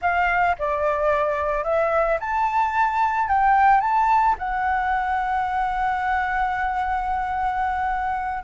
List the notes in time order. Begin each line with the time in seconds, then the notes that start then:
0.01 F5
0.59 D5
1.64 E5
2.19 A5
3.28 G5
3.81 A5
4.38 F#5